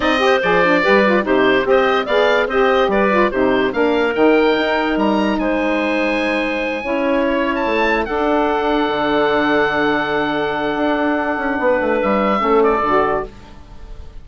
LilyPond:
<<
  \new Staff \with { instrumentName = "oboe" } { \time 4/4 \tempo 4 = 145 dis''4 d''2 c''4 | dis''4 f''4 dis''4 d''4 | c''4 f''4 g''2 | ais''4 gis''2.~ |
gis''4. cis''8. a''4~ a''16 fis''8~ | fis''1~ | fis''1~ | fis''4 e''4. d''4. | }
  \new Staff \with { instrumentName = "clarinet" } { \time 4/4 d''8 c''4. b'4 g'4 | c''4 d''4 c''4 b'4 | g'4 ais'2.~ | ais'4 c''2.~ |
c''8 cis''2. a'8~ | a'1~ | a'1 | b'2 a'2 | }
  \new Staff \with { instrumentName = "saxophone" } { \time 4/4 dis'8 g'8 gis'8 d'8 g'8 f'8 dis'4 | g'4 gis'4 g'4. f'8 | dis'4 d'4 dis'2~ | dis'1~ |
dis'8 e'2. d'8~ | d'1~ | d'1~ | d'2 cis'4 fis'4 | }
  \new Staff \with { instrumentName = "bassoon" } { \time 4/4 c'4 f4 g4 c4 | c'4 b4 c'4 g4 | c4 ais4 dis4 dis'4 | g4 gis2.~ |
gis8 cis'2 a4 d'8~ | d'4. d2~ d8~ | d2 d'4. cis'8 | b8 a8 g4 a4 d4 | }
>>